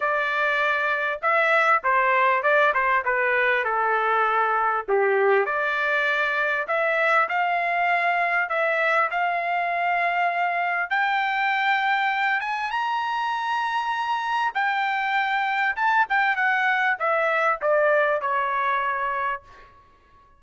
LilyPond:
\new Staff \with { instrumentName = "trumpet" } { \time 4/4 \tempo 4 = 99 d''2 e''4 c''4 | d''8 c''8 b'4 a'2 | g'4 d''2 e''4 | f''2 e''4 f''4~ |
f''2 g''2~ | g''8 gis''8 ais''2. | g''2 a''8 g''8 fis''4 | e''4 d''4 cis''2 | }